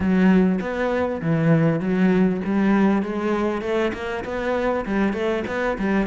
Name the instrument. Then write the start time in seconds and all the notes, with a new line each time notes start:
cello
0.00 F#3
0.60 B3
1.21 E3
1.80 F#3
2.44 G3
3.02 G#3
3.61 A3
3.93 A#3
4.24 B3
4.85 G3
5.13 A3
5.47 B3
5.78 G3